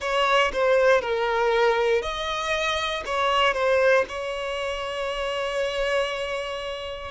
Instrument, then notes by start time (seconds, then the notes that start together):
violin
0.00 C#5
0.52 C5
1.01 A#4
2.02 D#5
3.05 C#5
3.53 C5
4.08 C#5